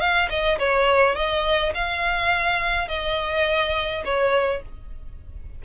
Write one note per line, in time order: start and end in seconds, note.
0.00 0.29 F5
0.30 0.58 D#5
0.59 1.15 C#5
1.15 1.73 D#5
1.75 2.88 F5
2.88 4.04 D#5
4.05 4.62 C#5